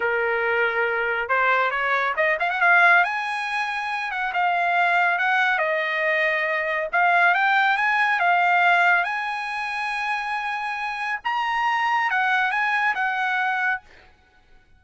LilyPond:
\new Staff \with { instrumentName = "trumpet" } { \time 4/4 \tempo 4 = 139 ais'2. c''4 | cis''4 dis''8 f''16 fis''16 f''4 gis''4~ | gis''4. fis''8 f''2 | fis''4 dis''2. |
f''4 g''4 gis''4 f''4~ | f''4 gis''2.~ | gis''2 ais''2 | fis''4 gis''4 fis''2 | }